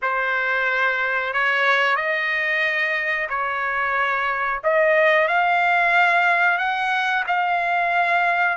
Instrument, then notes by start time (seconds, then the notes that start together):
trumpet
0.02 C5
1.33 C#5
1.96 D#5
3.29 C#5
4.63 D#5
5.27 F5
6.58 F#5
7.27 F5